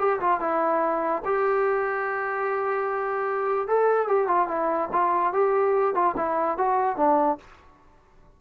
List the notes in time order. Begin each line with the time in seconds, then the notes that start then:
0.00 G4
0.21 F4
0.41 E4
1.26 G4
3.68 A4
4.08 G4
4.28 F4
4.49 E4
4.93 F4
5.33 G4
5.95 F4
6.17 E4
6.58 F#4
6.97 D4